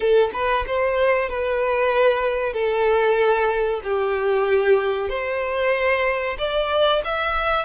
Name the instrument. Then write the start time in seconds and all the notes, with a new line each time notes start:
violin
0.00 A4
0.33 B4
0.66 C5
1.29 B4
2.53 A4
3.83 G4
5.09 C5
6.38 D5
7.04 E5